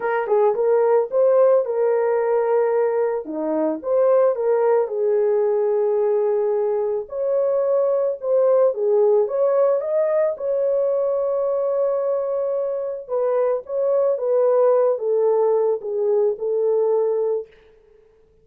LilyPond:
\new Staff \with { instrumentName = "horn" } { \time 4/4 \tempo 4 = 110 ais'8 gis'8 ais'4 c''4 ais'4~ | ais'2 dis'4 c''4 | ais'4 gis'2.~ | gis'4 cis''2 c''4 |
gis'4 cis''4 dis''4 cis''4~ | cis''1 | b'4 cis''4 b'4. a'8~ | a'4 gis'4 a'2 | }